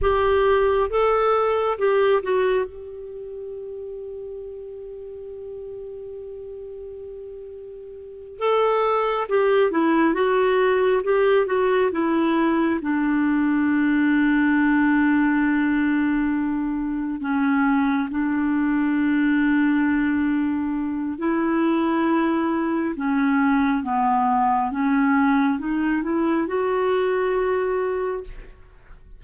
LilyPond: \new Staff \with { instrumentName = "clarinet" } { \time 4/4 \tempo 4 = 68 g'4 a'4 g'8 fis'8 g'4~ | g'1~ | g'4. a'4 g'8 e'8 fis'8~ | fis'8 g'8 fis'8 e'4 d'4.~ |
d'2.~ d'8 cis'8~ | cis'8 d'2.~ d'8 | e'2 cis'4 b4 | cis'4 dis'8 e'8 fis'2 | }